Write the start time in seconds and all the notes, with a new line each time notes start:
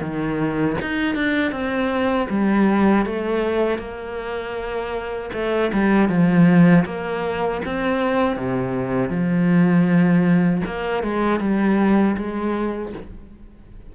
0.00 D#3
0.81 D#4
1.15 D4
1.52 C4
2.29 G3
3.05 A3
3.78 A#3
5.33 A3
5.72 G3
6.09 F3
6.85 A#3
7.65 C4
8.36 C3
9.09 F3
10.65 A#3
11.03 G#3
11.40 G3
12.17 G#3